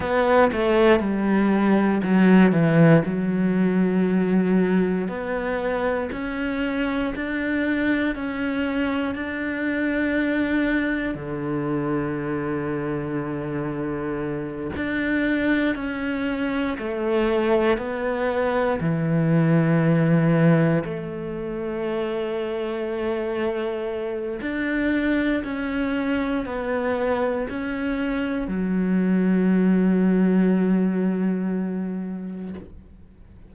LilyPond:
\new Staff \with { instrumentName = "cello" } { \time 4/4 \tempo 4 = 59 b8 a8 g4 fis8 e8 fis4~ | fis4 b4 cis'4 d'4 | cis'4 d'2 d4~ | d2~ d8 d'4 cis'8~ |
cis'8 a4 b4 e4.~ | e8 a2.~ a8 | d'4 cis'4 b4 cis'4 | fis1 | }